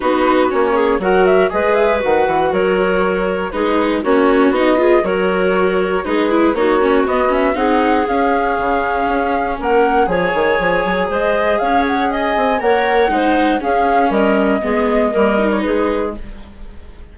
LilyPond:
<<
  \new Staff \with { instrumentName = "flute" } { \time 4/4 \tempo 4 = 119 b'4 cis''4 fis''8 e''8 dis''8 e''8 | fis''4 cis''2 b'4 | cis''4 dis''4 cis''2 | b'4 cis''4 dis''8 e''8 fis''4 |
f''2. fis''4 | gis''2 dis''4 f''8 fis''8 | gis''4 fis''2 f''4 | dis''2~ dis''8. cis''16 b'4 | }
  \new Staff \with { instrumentName = "clarinet" } { \time 4/4 fis'4. gis'8 ais'4 b'4~ | b'4 ais'2 gis'4 | fis'4. gis'8 ais'2 | gis'4 fis'2 gis'4~ |
gis'2. ais'4 | cis''2 c''4 cis''4 | dis''4 cis''4 c''4 gis'4 | ais'4 gis'4 ais'4 gis'4 | }
  \new Staff \with { instrumentName = "viola" } { \time 4/4 dis'4 cis'4 fis'4 gis'4 | fis'2. dis'4 | cis'4 dis'8 f'8 fis'2 | dis'8 e'8 dis'8 cis'8 b8 cis'8 dis'4 |
cis'1 | gis'1~ | gis'4 ais'4 dis'4 cis'4~ | cis'4 b4 ais8 dis'4. | }
  \new Staff \with { instrumentName = "bassoon" } { \time 4/4 b4 ais4 fis4 gis4 | dis8 e8 fis2 gis4 | ais4 b4 fis2 | gis4 ais4 b4 c'4 |
cis'4 cis4 cis'4 ais4 | f8 dis8 f8 fis8 gis4 cis'4~ | cis'8 c'8 ais4 gis4 cis'4 | g4 gis4 g4 gis4 | }
>>